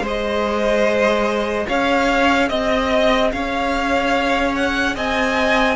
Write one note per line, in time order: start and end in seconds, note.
0.00 1.64 G#3
0.00 5.75 G#4
0.00 1.66 C5
0.07 1.68 D#5
1.67 2.49 C#4
1.67 2.48 C#5
1.67 2.48 F5
2.48 3.32 C4
2.48 3.30 D#5
2.48 3.31 D#5
3.32 4.95 C#4
3.32 4.95 C#5
3.32 4.55 F5
4.55 4.96 F#5
4.95 5.75 C4
4.95 5.75 D#5
4.95 5.75 G#5